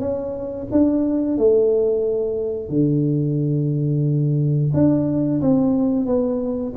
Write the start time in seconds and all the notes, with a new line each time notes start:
0.00 C#4
0.72 D4
1.38 A3
2.69 D3
4.74 D4
5.42 C4
6.06 B3